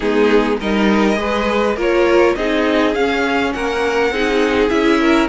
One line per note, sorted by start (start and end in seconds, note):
0.00 0.60 G#3
0.00 0.60 B3
0.00 0.58 D#4
0.00 0.57 G#4
0.59 1.17 G3
0.59 1.15 D#4
0.59 1.18 A#4
0.59 1.78 D#5
1.15 1.76 G#3
1.15 1.74 G#4
1.15 1.76 B4
1.76 2.34 A#3
1.76 2.36 F4
1.76 2.35 A#4
1.76 2.35 C#5
2.35 2.95 C4
2.35 2.94 D#4
2.35 3.54 G#4
2.35 2.94 D#5
2.94 4.12 C#4
2.94 3.54 C#4
2.94 3.52 F5
3.52 4.10 A#3
3.52 4.13 A#4
3.52 4.68 F#5
4.10 4.69 C4
4.10 4.69 D#4
4.10 5.00 G#4
4.68 5.28 C#4
4.68 5.28 E4
4.68 5.27 E5
5.00 5.28 A#4